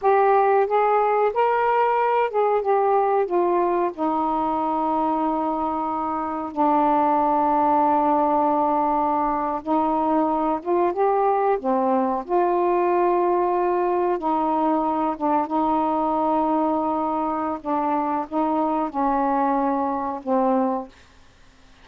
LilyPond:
\new Staff \with { instrumentName = "saxophone" } { \time 4/4 \tempo 4 = 92 g'4 gis'4 ais'4. gis'8 | g'4 f'4 dis'2~ | dis'2 d'2~ | d'2~ d'8. dis'4~ dis'16~ |
dis'16 f'8 g'4 c'4 f'4~ f'16~ | f'4.~ f'16 dis'4. d'8 dis'16~ | dis'2. d'4 | dis'4 cis'2 c'4 | }